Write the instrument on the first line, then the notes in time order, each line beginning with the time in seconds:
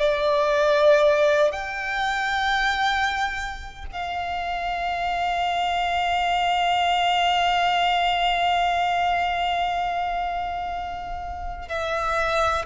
violin
0.00 D5
1.52 G5
3.92 F5
11.69 E5